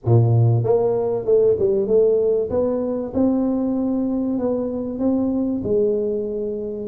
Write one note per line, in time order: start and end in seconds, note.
0.05 0.63 A#2
0.63 1.25 A#3
1.25 1.56 A3
1.59 1.87 G3
1.87 2.49 A3
2.50 3.12 B3
3.14 4.38 C4
4.38 4.99 B3
4.99 5.61 C4
5.63 6.87 G#3